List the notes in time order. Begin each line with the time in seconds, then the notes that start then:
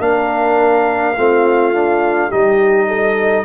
0.00 A#3 D4 A#4 F5
1.17 A3 C4 F4
1.74 D4
2.29 G3 D#4 G4 D#5
2.88 A4